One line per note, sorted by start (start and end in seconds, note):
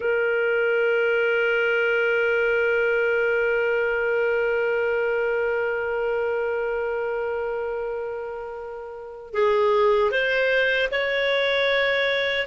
0.00 9.33 A#4
9.33 10.11 G#4
10.11 10.89 C5
10.91 12.47 C#5